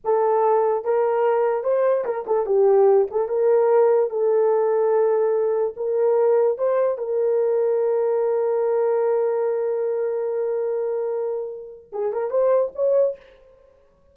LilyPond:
\new Staff \with { instrumentName = "horn" } { \time 4/4 \tempo 4 = 146 a'2 ais'2 | c''4 ais'8 a'8 g'4. a'8 | ais'2 a'2~ | a'2 ais'2 |
c''4 ais'2.~ | ais'1~ | ais'1~ | ais'4 gis'8 ais'8 c''4 cis''4 | }